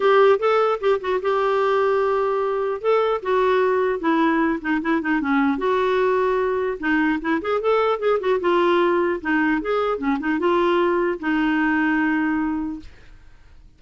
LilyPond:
\new Staff \with { instrumentName = "clarinet" } { \time 4/4 \tempo 4 = 150 g'4 a'4 g'8 fis'8 g'4~ | g'2. a'4 | fis'2 e'4. dis'8 | e'8 dis'8 cis'4 fis'2~ |
fis'4 dis'4 e'8 gis'8 a'4 | gis'8 fis'8 f'2 dis'4 | gis'4 cis'8 dis'8 f'2 | dis'1 | }